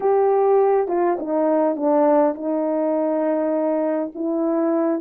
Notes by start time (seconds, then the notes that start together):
0.00 G4
0.88 F4
1.19 D#4
1.76 D4
2.34 D#4
4.14 E4